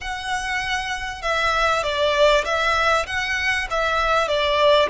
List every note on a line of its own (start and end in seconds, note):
0.00 1.22 F#5
1.22 1.83 E5
1.83 2.44 D5
2.44 3.06 E5
3.06 3.67 F#5
3.70 4.27 E5
4.27 4.89 D5